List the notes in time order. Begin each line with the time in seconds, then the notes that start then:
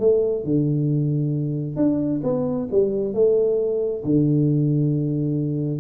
0.00 A3
0.44 D3
1.76 D4
2.24 B3
2.72 G3
3.14 A3
4.04 D3